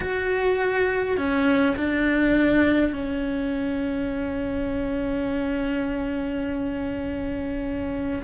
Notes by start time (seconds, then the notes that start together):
0.00 F#4
1.17 C#4
1.76 D4
2.93 C#4